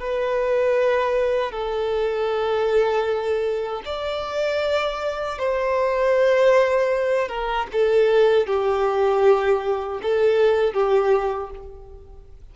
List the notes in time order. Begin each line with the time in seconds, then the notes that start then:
0.00 B4
1.51 A4
3.85 D5
5.38 C5
7.28 A#4
7.72 A4
8.47 G4
10.02 A4
10.73 G4